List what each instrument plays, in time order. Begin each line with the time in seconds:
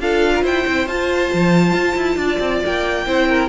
0.00 cello D4, viola F4, violin A4 F5
0.35 violin A#4
0.42 cello E4, violin C5 G5
0.66 cello C4, viola E4
0.87 cello F4, viola F4, violin A5
1.34 cello F3
1.74 cello F4
1.95 cello E4
2.16 cello D4, violin D5
2.40 cello C4
2.66 cello A#3, violin G5
3.06 cello C4, viola E4, violin C5
3.29 violin A#4